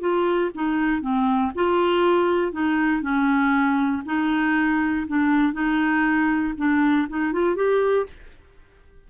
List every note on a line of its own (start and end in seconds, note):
0.00 0.50 F4
0.54 1.01 D#4
1.01 1.51 C4
1.55 2.52 F4
2.52 3.02 D#4
3.02 4.02 C#4
4.05 5.06 D#4
5.07 5.53 D4
5.53 6.53 D#4
6.57 7.07 D4
7.09 7.32 D#4
7.32 7.55 F4
7.55 8.06 G4